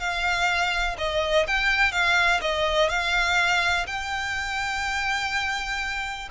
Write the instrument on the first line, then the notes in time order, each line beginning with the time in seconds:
violin
0.00 F5
0.99 D#5
1.47 G5
1.92 F5
2.41 D#5
2.89 F5
3.87 G5